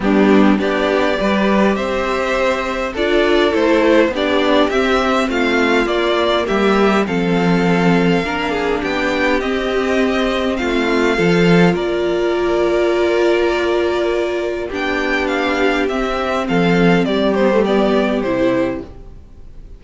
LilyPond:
<<
  \new Staff \with { instrumentName = "violin" } { \time 4/4 \tempo 4 = 102 g'4 d''2 e''4~ | e''4 d''4 c''4 d''4 | e''4 f''4 d''4 e''4 | f''2. g''4 |
dis''2 f''2 | d''1~ | d''4 g''4 f''4 e''4 | f''4 d''8 c''8 d''4 c''4 | }
  \new Staff \with { instrumentName = "violin" } { \time 4/4 d'4 g'4 b'4 c''4~ | c''4 a'2 g'4~ | g'4 f'2 g'4 | a'2 ais'8 gis'8 g'4~ |
g'2 f'4 a'4 | ais'1~ | ais'4 g'2. | a'4 g'2. | }
  \new Staff \with { instrumentName = "viola" } { \time 4/4 b4 d'4 g'2~ | g'4 f'4 e'4 d'4 | c'2 ais2 | c'2 d'2 |
c'2. f'4~ | f'1~ | f'4 d'2 c'4~ | c'4. b16 a16 b4 e'4 | }
  \new Staff \with { instrumentName = "cello" } { \time 4/4 g4 b4 g4 c'4~ | c'4 d'4 a4 b4 | c'4 a4 ais4 g4 | f2 ais4 b4 |
c'2 a4 f4 | ais1~ | ais4 b2 c'4 | f4 g2 c4 | }
>>